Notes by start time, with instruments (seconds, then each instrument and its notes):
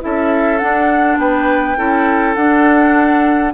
0.00 bassoon C#4, clarinet E4, oboe A4, flute E5
0.59 clarinet D4, bassoon D4, flute F#5
1.18 bassoon B3, oboe B4, flute G5
1.77 bassoon C#4, clarinet E4, oboe A4
2.34 bassoon D4, clarinet D4, flute F#5